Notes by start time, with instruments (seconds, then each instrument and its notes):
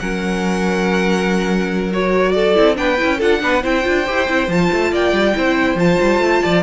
0.00 cello F#3, viola C#4, violin A#4 F#5
1.92 viola F#4, violin C#5
2.33 violin A4 D5
2.55 cello C4, viola E4
2.75 cello B3, viola D4, violin B4 G5
2.98 cello C#4, viola E4
3.18 cello D4, viola F4, violin A4 F#5
3.41 cello B3, viola D4, violin B4
3.63 cello C4, viola E4, violin C5 G5
3.84 cello D4, viola F4
4.06 cello E4, viola G4
4.28 cello C4, viola E4
4.48 cello F3, viola F4, violin A5
4.73 cello A3
4.92 cello A#3, violin D5 G5
5.12 cello G3
5.34 cello C4, viola E4, violin C5
5.75 cello F3, viola F4, violin A5
6.01 cello G3
6.19 cello A3
6.43 cello F3, violin D5